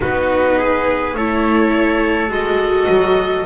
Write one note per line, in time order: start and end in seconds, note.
0.00 1.13 B3
0.00 1.15 D#4
0.00 0.58 F#4
0.00 1.16 B4
0.58 1.15 G#4
1.13 2.29 A3
1.13 2.29 E4
1.13 3.46 A4
1.13 2.31 C#5
2.29 2.86 G#3
2.29 3.44 F#4
2.29 3.46 D#5
2.88 3.46 F#3